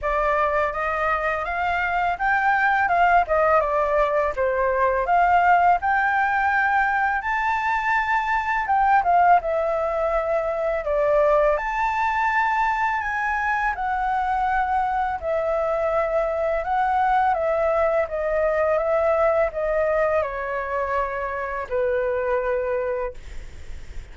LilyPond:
\new Staff \with { instrumentName = "flute" } { \time 4/4 \tempo 4 = 83 d''4 dis''4 f''4 g''4 | f''8 dis''8 d''4 c''4 f''4 | g''2 a''2 | g''8 f''8 e''2 d''4 |
a''2 gis''4 fis''4~ | fis''4 e''2 fis''4 | e''4 dis''4 e''4 dis''4 | cis''2 b'2 | }